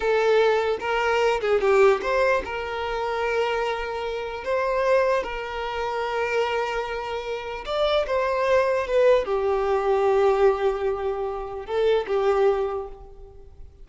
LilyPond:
\new Staff \with { instrumentName = "violin" } { \time 4/4 \tempo 4 = 149 a'2 ais'4. gis'8 | g'4 c''4 ais'2~ | ais'2. c''4~ | c''4 ais'2.~ |
ais'2. d''4 | c''2 b'4 g'4~ | g'1~ | g'4 a'4 g'2 | }